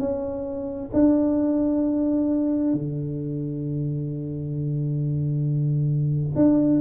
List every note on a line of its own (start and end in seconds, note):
0.00 0.91 C#4
0.94 2.74 D4
2.74 6.36 D3
6.36 6.81 D4